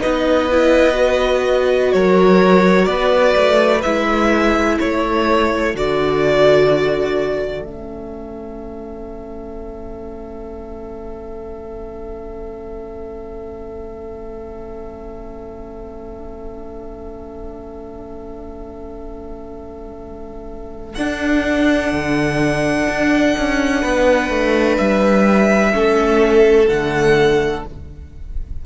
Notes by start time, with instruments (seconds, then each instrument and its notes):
0.00 cello B3, viola D#4, violin B4 D#5
0.51 viola E4
0.92 viola F#4
1.92 cello F#3, violin A#4 C#5
2.85 cello B3, violin B4 D5
3.36 cello A3
3.82 cello G#3, viola E4, violin E5
4.78 cello A3, violin A4 C#5
5.74 cello D3, viola F#4, violin D5
7.61 cello A3, viola C#4, violin E5
20.94 viola D4, cello D4, violin F#5
21.92 cello D3
22.88 cello D4
23.37 cello C#4
23.82 cello B3, violin B4
24.29 cello A3
24.77 cello G3, violin E5
25.72 cello A3, viola C#4, violin A4
26.68 cello D3, viola A3, violin F#5